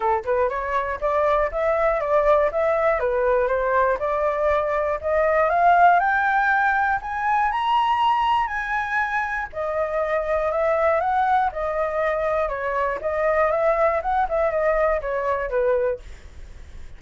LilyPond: \new Staff \with { instrumentName = "flute" } { \time 4/4 \tempo 4 = 120 a'8 b'8 cis''4 d''4 e''4 | d''4 e''4 b'4 c''4 | d''2 dis''4 f''4 | g''2 gis''4 ais''4~ |
ais''4 gis''2 dis''4~ | dis''4 e''4 fis''4 dis''4~ | dis''4 cis''4 dis''4 e''4 | fis''8 e''8 dis''4 cis''4 b'4 | }